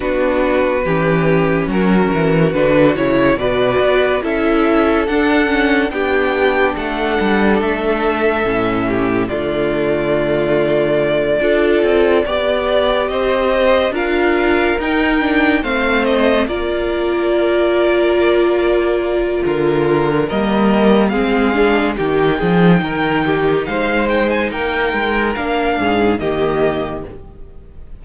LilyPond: <<
  \new Staff \with { instrumentName = "violin" } { \time 4/4 \tempo 4 = 71 b'2 ais'4 b'8 cis''8 | d''4 e''4 fis''4 g''4 | fis''4 e''2 d''4~ | d''2.~ d''8 dis''8~ |
dis''8 f''4 g''4 f''8 dis''8 d''8~ | d''2. ais'4 | dis''4 f''4 g''2 | f''8 g''16 gis''16 g''4 f''4 dis''4 | }
  \new Staff \with { instrumentName = "violin" } { \time 4/4 fis'4 g'4 fis'2 | b'4 a'2 g'4 | a'2~ a'8 g'8 f'4~ | f'4. a'4 d''4 c''8~ |
c''8 ais'2 c''4 ais'8~ | ais'2. f'4 | ais'4 gis'4 g'8 gis'8 ais'8 g'8 | c''4 ais'4. gis'8 g'4 | }
  \new Staff \with { instrumentName = "viola" } { \time 4/4 d'4 cis'2 d'8 e'8 | fis'4 e'4 d'8 cis'8 d'4~ | d'2 cis'4 a4~ | a4. f'4 g'4.~ |
g'8 f'4 dis'8 d'8 c'4 f'8~ | f'1 | ais4 c'8 d'8 dis'2~ | dis'2 d'4 ais4 | }
  \new Staff \with { instrumentName = "cello" } { \time 4/4 b4 e4 fis8 e8 d8 cis8 | b,8 b8 cis'4 d'4 b4 | a8 g8 a4 a,4 d4~ | d4. d'8 c'8 b4 c'8~ |
c'8 d'4 dis'4 a4 ais8~ | ais2. d4 | g4 gis4 dis8 f8 dis4 | gis4 ais8 gis8 ais8 gis,8 dis4 | }
>>